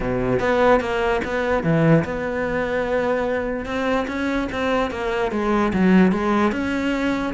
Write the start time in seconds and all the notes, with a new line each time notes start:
0.00 B2
0.39 B3
0.80 A#3
1.24 B3
1.63 E3
2.04 B3
3.65 C4
4.07 C#4
4.52 C4
4.91 A#3
5.31 G#3
5.73 F#3
6.12 G#3
6.51 C#4